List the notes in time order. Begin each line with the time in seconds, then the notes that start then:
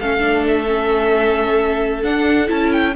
0.00 A3 C#4 A4 F5
0.20 D4
0.48 E5
0.68 C#4
2.04 D4 F#5
2.48 C#4 E4 A5
2.73 G5